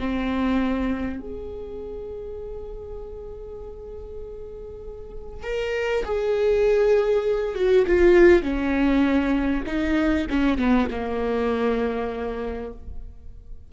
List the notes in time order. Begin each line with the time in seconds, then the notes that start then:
0.00 C4
1.20 G#4
5.44 A#4
6.05 G#4
7.55 F#4
7.87 F4
8.43 C#4
9.66 D#4
10.30 C#4
10.58 B3
10.91 A#3